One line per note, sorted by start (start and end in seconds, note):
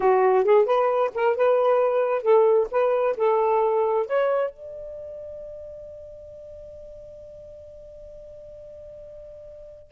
0.00 0.44 F#4
0.44 0.65 G#4
0.65 1.10 B4
1.14 1.36 A#4
1.36 2.22 B4
2.22 2.67 A4
2.71 3.16 B4
3.16 4.06 A4
4.06 4.50 C#5
4.50 9.91 D5